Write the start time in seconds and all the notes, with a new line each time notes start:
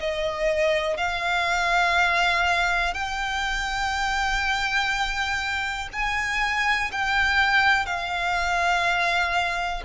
0.00 D#5
0.97 F5
2.94 G5
5.92 G#5
6.92 G5
7.86 F5